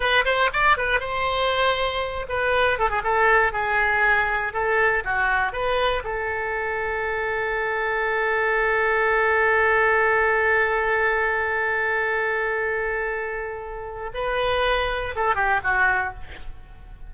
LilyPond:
\new Staff \with { instrumentName = "oboe" } { \time 4/4 \tempo 4 = 119 b'8 c''8 d''8 b'8 c''2~ | c''8 b'4 a'16 gis'16 a'4 gis'4~ | gis'4 a'4 fis'4 b'4 | a'1~ |
a'1~ | a'1~ | a'1 | b'2 a'8 g'8 fis'4 | }